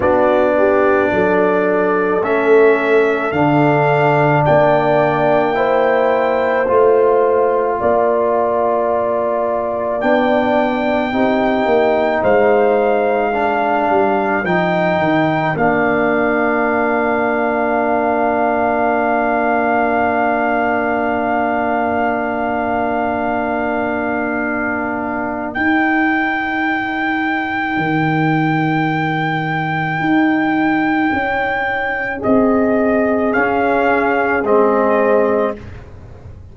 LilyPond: <<
  \new Staff \with { instrumentName = "trumpet" } { \time 4/4 \tempo 4 = 54 d''2 e''4 f''4 | g''2 f''2~ | f''4 g''2 f''4~ | f''4 g''4 f''2~ |
f''1~ | f''2. g''4~ | g''1~ | g''4 dis''4 f''4 dis''4 | }
  \new Staff \with { instrumentName = "horn" } { \time 4/4 fis'8 g'8 a'2. | d''4 c''2 d''4~ | d''2 g'4 c''4 | ais'1~ |
ais'1~ | ais'1~ | ais'1~ | ais'4 gis'2. | }
  \new Staff \with { instrumentName = "trombone" } { \time 4/4 d'2 cis'4 d'4~ | d'4 e'4 f'2~ | f'4 d'4 dis'2 | d'4 dis'4 d'2~ |
d'1~ | d'2. dis'4~ | dis'1~ | dis'2 cis'4 c'4 | }
  \new Staff \with { instrumentName = "tuba" } { \time 4/4 b4 fis4 a4 d4 | ais2 a4 ais4~ | ais4 b4 c'8 ais8 gis4~ | gis8 g8 f8 dis8 ais2~ |
ais1~ | ais2. dis'4~ | dis'4 dis2 dis'4 | cis'4 c'4 cis'4 gis4 | }
>>